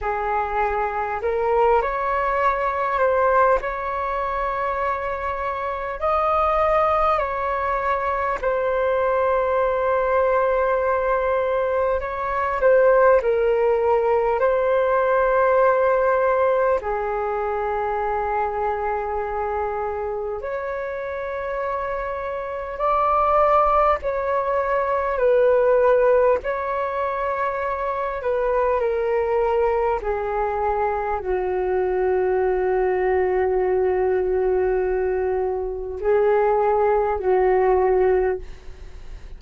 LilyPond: \new Staff \with { instrumentName = "flute" } { \time 4/4 \tempo 4 = 50 gis'4 ais'8 cis''4 c''8 cis''4~ | cis''4 dis''4 cis''4 c''4~ | c''2 cis''8 c''8 ais'4 | c''2 gis'2~ |
gis'4 cis''2 d''4 | cis''4 b'4 cis''4. b'8 | ais'4 gis'4 fis'2~ | fis'2 gis'4 fis'4 | }